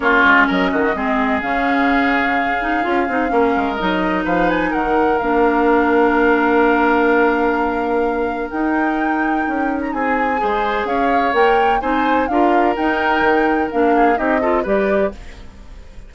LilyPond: <<
  \new Staff \with { instrumentName = "flute" } { \time 4/4 \tempo 4 = 127 cis''4 dis''2 f''4~ | f''1 | dis''4 f''8 gis''8 fis''4 f''4~ | f''1~ |
f''2 g''2~ | g''8. ais''16 gis''2 f''4 | g''4 gis''4 f''4 g''4~ | g''4 f''4 dis''4 d''4 | }
  \new Staff \with { instrumentName = "oboe" } { \time 4/4 f'4 ais'8 fis'8 gis'2~ | gis'2. ais'4~ | ais'4 b'4 ais'2~ | ais'1~ |
ais'1~ | ais'4 gis'4 c''4 cis''4~ | cis''4 c''4 ais'2~ | ais'4. gis'8 g'8 a'8 b'4 | }
  \new Staff \with { instrumentName = "clarinet" } { \time 4/4 cis'2 c'4 cis'4~ | cis'4. dis'8 f'8 dis'8 cis'4 | dis'2. d'4~ | d'1~ |
d'2 dis'2~ | dis'2 gis'2 | ais'4 dis'4 f'4 dis'4~ | dis'4 d'4 dis'8 f'8 g'4 | }
  \new Staff \with { instrumentName = "bassoon" } { \time 4/4 ais8 gis8 fis8 dis8 gis4 cis4~ | cis2 cis'8 c'8 ais8 gis8 | fis4 f4 dis4 ais4~ | ais1~ |
ais2 dis'2 | cis'4 c'4 gis4 cis'4 | ais4 c'4 d'4 dis'4 | dis4 ais4 c'4 g4 | }
>>